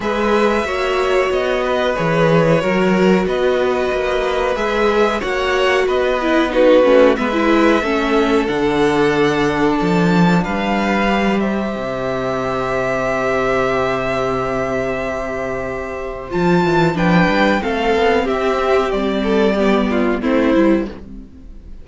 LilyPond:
<<
  \new Staff \with { instrumentName = "violin" } { \time 4/4 \tempo 4 = 92 e''2 dis''4 cis''4~ | cis''4 dis''2 e''4 | fis''4 dis''4 b'4 e''4~ | e''4 fis''2 a''4 |
f''4. e''2~ e''8~ | e''1~ | e''4 a''4 g''4 f''4 | e''4 d''2 c''4 | }
  \new Staff \with { instrumentName = "violin" } { \time 4/4 b'4 cis''4. b'4. | ais'4 b'2. | cis''4 b'4 fis'4 b'4 | a'1 |
b'4. c''2~ c''8~ | c''1~ | c''2 b'4 a'4 | g'4. a'8 g'8 f'8 e'4 | }
  \new Staff \with { instrumentName = "viola" } { \time 4/4 gis'4 fis'2 gis'4 | fis'2. gis'4 | fis'4. e'8 dis'8 cis'8 b16 e'8. | cis'4 d'2.~ |
d'4 g'2.~ | g'1~ | g'4 f'4 d'4 c'4~ | c'2 b4 c'8 e'8 | }
  \new Staff \with { instrumentName = "cello" } { \time 4/4 gis4 ais4 b4 e4 | fis4 b4 ais4 gis4 | ais4 b4. a8 gis4 | a4 d2 f4 |
g2 c2~ | c1~ | c4 f8 e8 f8 g8 a8 b8 | c'4 g2 a8 g8 | }
>>